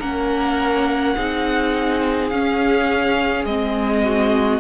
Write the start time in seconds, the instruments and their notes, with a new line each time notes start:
0.00 cello A#3, viola C#4, violin A#4 F#5
1.17 cello C4, viola D#4, violin G#4
2.30 cello C#4, viola C#4, violin F5
3.45 cello G#3, viola C4, violin D#5
4.04 violin F#4